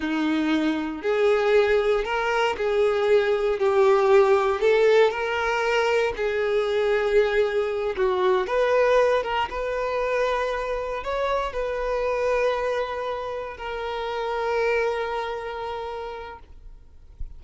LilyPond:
\new Staff \with { instrumentName = "violin" } { \time 4/4 \tempo 4 = 117 dis'2 gis'2 | ais'4 gis'2 g'4~ | g'4 a'4 ais'2 | gis'2.~ gis'8 fis'8~ |
fis'8 b'4. ais'8 b'4.~ | b'4. cis''4 b'4.~ | b'2~ b'8 ais'4.~ | ais'1 | }